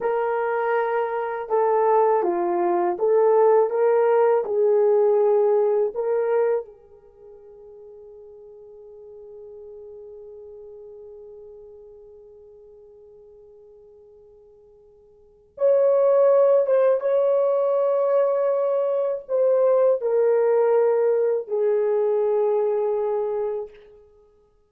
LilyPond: \new Staff \with { instrumentName = "horn" } { \time 4/4 \tempo 4 = 81 ais'2 a'4 f'4 | a'4 ais'4 gis'2 | ais'4 gis'2.~ | gis'1~ |
gis'1~ | gis'4 cis''4. c''8 cis''4~ | cis''2 c''4 ais'4~ | ais'4 gis'2. | }